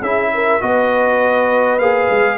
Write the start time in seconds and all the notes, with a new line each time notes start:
0.00 C#4 E4 G#4 E5
0.34 A#4
0.61 B3 F#4 B4 D#5
1.78 A#3 G#4 F5
2.10 G#3